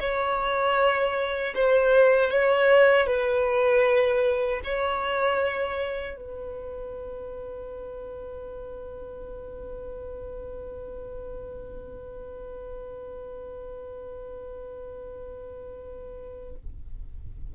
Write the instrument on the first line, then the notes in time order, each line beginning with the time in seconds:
violin
0.00 C#5
1.55 C5
2.30 C#5
3.07 B4
4.64 C#5
6.16 B4